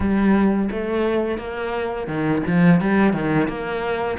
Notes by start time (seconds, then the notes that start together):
0.00 G3
0.71 A3
1.38 A#3
2.07 D#3
2.46 F3
2.80 G3
3.13 D#3
3.48 A#3